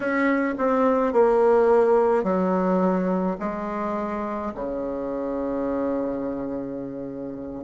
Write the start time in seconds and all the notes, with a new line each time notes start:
0.00 C#4
0.58 C4
1.13 A#3
2.23 F#3
3.40 G#3
4.54 C#3